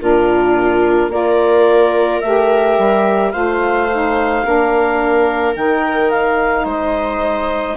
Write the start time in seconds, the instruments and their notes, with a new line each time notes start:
0.00 bassoon A#2, saxophone D4, viola F4, clarinet A#4
1.08 bassoon A#3, saxophone F4, viola A#4, clarinet D5
2.20 bassoon A3, saxophone G4, clarinet E5
2.78 bassoon G3
3.31 bassoon A3, saxophone F4, viola C5, clarinet F5
3.91 saxophone D#4
4.44 bassoon A#3, saxophone D4, viola A#4
5.54 bassoon D#3, saxophone D#4, clarinet G5
6.10 clarinet F5
6.64 bassoon G#3, viola C5, clarinet D#5